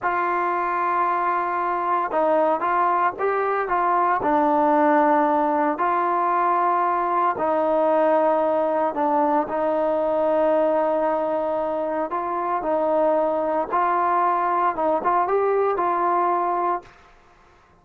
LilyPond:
\new Staff \with { instrumentName = "trombone" } { \time 4/4 \tempo 4 = 114 f'1 | dis'4 f'4 g'4 f'4 | d'2. f'4~ | f'2 dis'2~ |
dis'4 d'4 dis'2~ | dis'2. f'4 | dis'2 f'2 | dis'8 f'8 g'4 f'2 | }